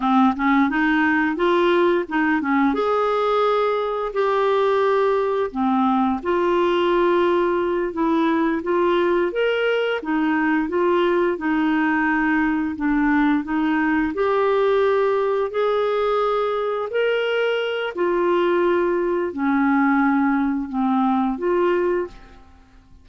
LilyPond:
\new Staff \with { instrumentName = "clarinet" } { \time 4/4 \tempo 4 = 87 c'8 cis'8 dis'4 f'4 dis'8 cis'8 | gis'2 g'2 | c'4 f'2~ f'8 e'8~ | e'8 f'4 ais'4 dis'4 f'8~ |
f'8 dis'2 d'4 dis'8~ | dis'8 g'2 gis'4.~ | gis'8 ais'4. f'2 | cis'2 c'4 f'4 | }